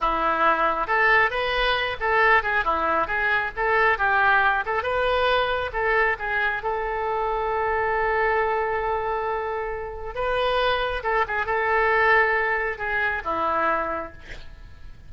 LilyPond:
\new Staff \with { instrumentName = "oboe" } { \time 4/4 \tempo 4 = 136 e'2 a'4 b'4~ | b'8 a'4 gis'8 e'4 gis'4 | a'4 g'4. a'8 b'4~ | b'4 a'4 gis'4 a'4~ |
a'1~ | a'2. b'4~ | b'4 a'8 gis'8 a'2~ | a'4 gis'4 e'2 | }